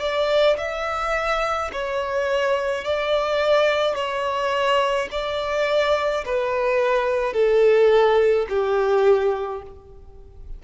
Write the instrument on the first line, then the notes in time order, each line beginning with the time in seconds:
violin
0.00 D5
0.57 E5
1.72 C#5
2.84 D5
3.95 C#5
5.11 D5
6.25 B4
7.33 A4
8.49 G4